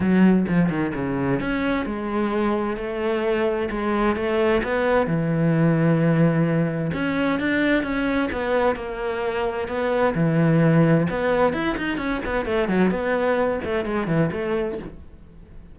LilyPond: \new Staff \with { instrumentName = "cello" } { \time 4/4 \tempo 4 = 130 fis4 f8 dis8 cis4 cis'4 | gis2 a2 | gis4 a4 b4 e4~ | e2. cis'4 |
d'4 cis'4 b4 ais4~ | ais4 b4 e2 | b4 e'8 dis'8 cis'8 b8 a8 fis8 | b4. a8 gis8 e8 a4 | }